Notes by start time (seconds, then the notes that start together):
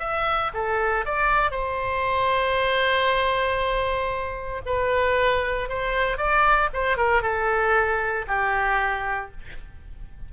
0.00 E5
0.54 A4
1.06 D5
1.51 C5
4.66 B4
5.69 C5
6.18 D5
6.74 C5
6.98 A#4
7.23 A4
8.28 G4